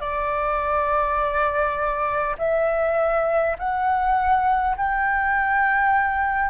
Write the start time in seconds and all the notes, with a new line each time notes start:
0.00 D5
2.38 E5
3.58 F#5
4.76 G5